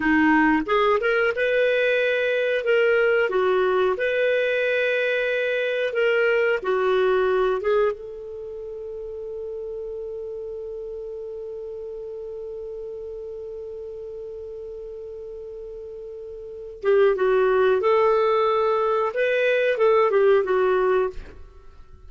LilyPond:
\new Staff \with { instrumentName = "clarinet" } { \time 4/4 \tempo 4 = 91 dis'4 gis'8 ais'8 b'2 | ais'4 fis'4 b'2~ | b'4 ais'4 fis'4. gis'8 | a'1~ |
a'1~ | a'1~ | a'4. g'8 fis'4 a'4~ | a'4 b'4 a'8 g'8 fis'4 | }